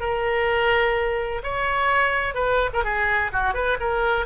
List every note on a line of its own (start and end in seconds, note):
0.00 1.42 A#4
1.43 2.34 C#5
2.34 2.70 B4
2.73 2.84 A#4
2.84 3.31 G#4
3.32 3.54 F#4
3.54 3.78 B4
3.80 4.26 A#4